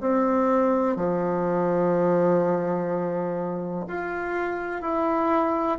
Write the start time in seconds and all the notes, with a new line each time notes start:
0.00 C4
0.96 F3
3.88 F4
4.81 E4